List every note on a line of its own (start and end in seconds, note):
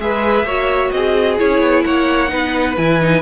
0.00 0.44 G#3
0.00 0.47 G#4
0.00 0.46 B4
0.00 0.91 E5
0.44 0.90 A#3
0.44 1.39 F#4
0.44 0.92 C#5
0.91 1.40 C4
0.91 1.85 G#4
0.91 1.37 D#5
1.39 1.60 C#4
1.39 2.29 E4
1.39 1.84 C#5
1.60 1.84 B3
1.84 2.32 A#3
1.84 2.32 C#5
1.84 2.76 F#5
2.29 2.78 B3
2.29 2.75 D#4
2.29 3.23 B4
2.77 3.23 E3
2.77 3.01 E4
2.77 3.23 G#5
3.01 3.23 D#4